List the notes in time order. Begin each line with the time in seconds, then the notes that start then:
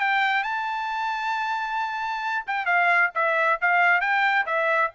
0.00 G5
0.43 A5
2.47 G5
2.66 F5
3.14 E5
3.61 F5
4.01 G5
4.46 E5